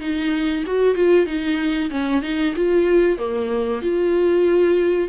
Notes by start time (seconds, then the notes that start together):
0.00 D#4
0.66 F#4
0.95 F4
1.26 D#4
1.90 C#4
2.22 D#4
2.56 F4
3.18 A#3
3.82 F4